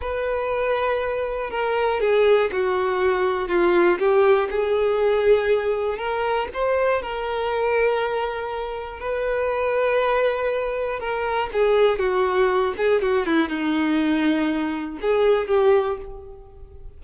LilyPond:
\new Staff \with { instrumentName = "violin" } { \time 4/4 \tempo 4 = 120 b'2. ais'4 | gis'4 fis'2 f'4 | g'4 gis'2. | ais'4 c''4 ais'2~ |
ais'2 b'2~ | b'2 ais'4 gis'4 | fis'4. gis'8 fis'8 e'8 dis'4~ | dis'2 gis'4 g'4 | }